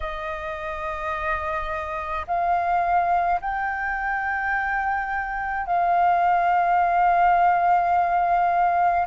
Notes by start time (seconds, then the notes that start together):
0.00 D#5
2.27 F5
3.40 G5
5.66 F5